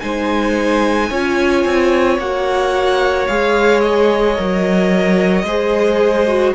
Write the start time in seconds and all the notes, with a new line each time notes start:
0.00 G#3 D#4 C5 G#5
1.09 C#4 F4 C#5
1.65 C4
2.18 A#3 F#4 F#5
3.27 G#3 G#4 F5
3.80 D#5
4.36 F#3 A#4
5.43 G#3 G#4 C5
6.27 F#4